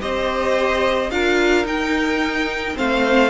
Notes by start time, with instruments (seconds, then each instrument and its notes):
0.00 cello C4, viola G4, violin C5 D#5
1.10 cello D4, viola F4, violin A#4 F5
1.64 cello D#4, viola D#4, violin G5
2.75 cello A3, viola C4, violin C5 F5